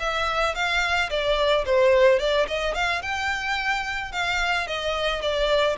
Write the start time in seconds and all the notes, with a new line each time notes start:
0.00 E5
0.55 F5
1.10 D5
1.66 C5
2.20 D5
2.48 D#5
2.75 F5
3.02 G5
4.13 F5
4.68 D#5
5.22 D5